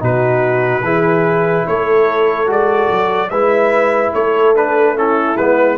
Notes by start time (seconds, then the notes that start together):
0.00 B2 D#4 F#4 B4
0.83 E3 E4 G#4
1.68 A3 A4 C#5
2.47 G#3 F#4 D5
2.91 F#3
3.30 G#3 E4 B4 E5
4.14 A3 A4 C#5
4.56 D4 B4
4.96 C#4 E4 A4
5.37 G#3 B3 B4